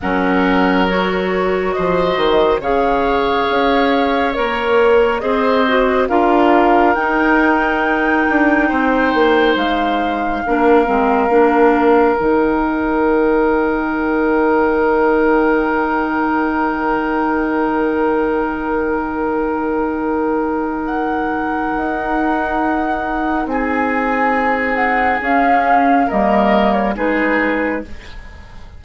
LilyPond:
<<
  \new Staff \with { instrumentName = "flute" } { \time 4/4 \tempo 4 = 69 fis''4 cis''4 dis''4 f''4~ | f''4 cis''4 dis''4 f''4 | g''2. f''4~ | f''2 g''2~ |
g''1~ | g''1 | fis''2. gis''4~ | gis''8 fis''8 f''4 dis''8. cis''16 b'4 | }
  \new Staff \with { instrumentName = "oboe" } { \time 4/4 ais'2 c''4 cis''4~ | cis''2 c''4 ais'4~ | ais'2 c''2 | ais'1~ |
ais'1~ | ais'1~ | ais'2. gis'4~ | gis'2 ais'4 gis'4 | }
  \new Staff \with { instrumentName = "clarinet" } { \time 4/4 cis'4 fis'2 gis'4~ | gis'4 ais'4 gis'8 fis'8 f'4 | dis'1 | d'8 c'8 d'4 dis'2~ |
dis'1~ | dis'1~ | dis'1~ | dis'4 cis'4 ais4 dis'4 | }
  \new Staff \with { instrumentName = "bassoon" } { \time 4/4 fis2 f8 dis8 cis4 | cis'4 ais4 c'4 d'4 | dis'4. d'8 c'8 ais8 gis4 | ais8 gis8 ais4 dis2~ |
dis1~ | dis1~ | dis4 dis'2 c'4~ | c'4 cis'4 g4 gis4 | }
>>